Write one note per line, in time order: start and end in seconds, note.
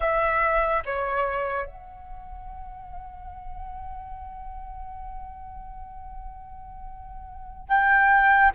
0.00 0.83 E5
0.85 1.66 C#5
1.66 7.68 F#5
7.68 8.51 G5